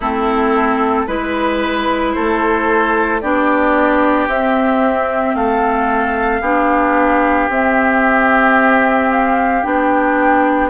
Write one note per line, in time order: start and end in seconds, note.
0.00 1.07 A3
0.00 1.07 C4
0.00 1.05 E4
0.00 1.07 A4
1.07 2.14 G#3
1.07 3.21 E4
1.07 2.12 B4
1.07 2.14 B4
2.12 3.23 A3
2.12 3.21 A4
2.12 3.19 C5
3.20 4.27 B3
3.20 4.29 D4
3.20 5.35 G4
3.20 4.27 D5
4.27 5.34 C4
4.27 6.43 C4
4.27 5.35 E5
5.35 6.41 A3
5.35 6.41 A4
5.35 7.49 F5
6.41 7.48 B3
6.41 7.50 D4
6.41 10.69 G4
7.49 9.63 C4
7.49 9.10 E5
9.10 9.63 F5
9.63 10.70 B3
9.63 10.70 D4
9.63 10.70 G5